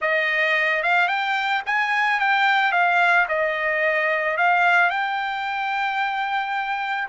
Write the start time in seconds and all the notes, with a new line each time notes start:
0.01 D#5
0.82 F5
1.08 G5
1.66 G#5
2.19 G5
2.71 F5
3.28 D#5
4.37 F5
4.89 G5